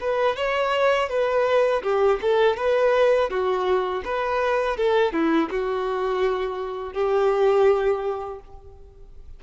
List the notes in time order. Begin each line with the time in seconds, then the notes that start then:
0.00 B4
0.36 C#5
1.09 B4
1.83 G4
2.21 A4
2.56 B4
3.29 F#4
4.04 B4
4.77 A4
5.12 E4
5.50 F#4
6.93 G4